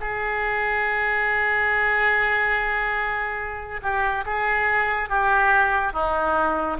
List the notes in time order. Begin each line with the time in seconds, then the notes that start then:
0.00 G#4
3.82 G4
4.25 G#4
5.09 G4
5.93 D#4